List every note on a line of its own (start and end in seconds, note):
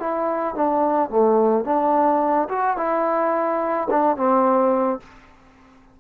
0.00 0.55 E4
0.55 1.10 D4
1.10 1.65 A3
1.65 2.48 D4
2.49 2.77 F#4
2.77 3.88 E4
3.91 4.17 D4
4.17 5.00 C4